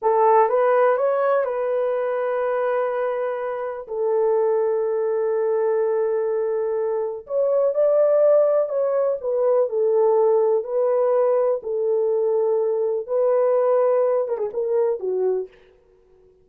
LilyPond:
\new Staff \with { instrumentName = "horn" } { \time 4/4 \tempo 4 = 124 a'4 b'4 cis''4 b'4~ | b'1 | a'1~ | a'2. cis''4 |
d''2 cis''4 b'4 | a'2 b'2 | a'2. b'4~ | b'4. ais'16 gis'16 ais'4 fis'4 | }